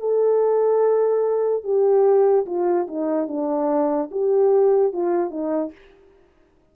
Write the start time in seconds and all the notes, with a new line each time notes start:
0.00 A4
1.64 G4
2.46 F4
2.88 D#4
3.28 D4
4.12 G4
4.93 F4
5.31 D#4